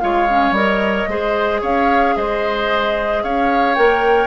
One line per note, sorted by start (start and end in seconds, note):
0.00 0.51 G#3
0.00 0.28 F4
0.00 1.10 C#5
0.00 0.54 F5
0.29 0.56 C#4
0.51 1.05 G3
0.51 1.09 A#4
0.51 1.62 D#5
1.08 1.62 G#3
1.08 3.76 G#4
1.08 1.61 C5
1.61 2.16 C#4
1.61 2.15 C#5
1.61 2.17 F5
2.17 3.24 G#3
2.17 3.24 C5
2.17 3.23 D#5
3.23 3.77 C#4
3.23 4.27 C#5
3.23 3.75 F5
3.75 4.27 A#3
3.75 4.27 A#4
3.75 4.27 G5